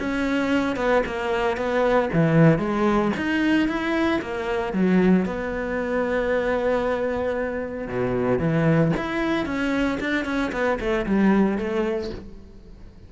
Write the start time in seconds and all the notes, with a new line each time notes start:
0.00 C#4
0.77 B3
1.06 A#3
1.57 B3
2.14 E3
2.59 G#3
3.17 D#4
3.69 E4
4.22 A#3
4.73 F#3
5.26 B3
7.88 B2
8.39 E3
8.97 E4
9.46 C#4
10.01 D4
10.26 C#4
10.53 B3
10.80 A3
11.06 G3
11.58 A3